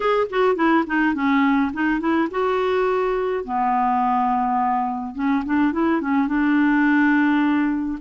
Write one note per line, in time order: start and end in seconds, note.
0.00 0.27 G#4
0.30 0.55 F#4
0.55 0.84 E4
0.86 1.14 D#4
1.14 1.71 C#4
1.73 1.99 D#4
1.99 2.28 E4
2.30 3.44 F#4
3.44 5.15 B3
5.15 5.43 C#4
5.45 5.72 D4
5.72 6.01 E4
6.01 6.27 C#4
6.27 7.98 D4